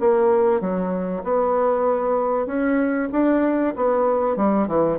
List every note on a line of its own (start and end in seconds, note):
0.00 0.61 A#3
0.61 1.23 F#3
1.24 2.46 B3
2.46 3.09 C#4
3.12 3.75 D4
3.76 4.37 B3
4.37 4.68 G3
4.68 4.99 E3